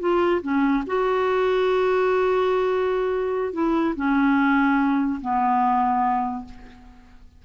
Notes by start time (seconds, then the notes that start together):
0.00 F4
0.42 C#4
0.87 F#4
3.53 E4
3.96 C#4
5.21 B3